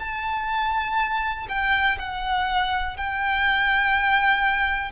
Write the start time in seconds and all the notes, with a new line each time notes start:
0.00 A5
1.49 G5
1.99 F#5
2.97 G5